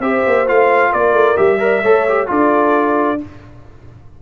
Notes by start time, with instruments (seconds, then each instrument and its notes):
0.00 tuba C4, trombone G4, horn C5, trumpet E5
0.26 tuba A#3
0.47 tuba A3, trombone F4, trumpet F5
0.91 tuba A#3, horn A#4, trumpet D5
1.13 tuba A3
1.36 tuba G3, trombone G4, trumpet E5
1.59 trombone A#4, horn D5
1.83 tuba A3, trombone A4, horn C#5
2.09 trombone G4
2.27 tuba D4, trombone F4, horn A4, trumpet D5